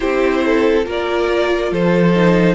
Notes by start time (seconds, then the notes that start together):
0.00 C4 E4 G4 C5
0.45 A4
0.84 A#3 F4 A#4 D5
1.71 F3 A4 C5
2.14 D#4